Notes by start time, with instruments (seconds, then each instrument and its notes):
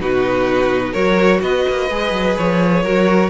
0.00 cello B2, viola D#4, violin F#4 B4
0.92 cello F#3, viola F#4, violin A#4 C#5
1.42 cello B3, violin B4 D#5
1.69 cello A#3
1.90 cello G#3, viola G#4
2.11 cello F#3
2.37 cello F3, violin C#5
2.82 cello F#3, viola F#4, violin A#4